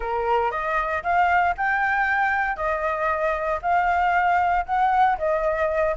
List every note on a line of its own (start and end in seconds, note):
0.00 0.51 A#4
0.51 1.03 D#5
1.03 1.54 F5
1.57 2.56 G5
2.56 3.59 D#5
3.62 4.65 F5
4.65 5.17 F#5
5.17 5.95 D#5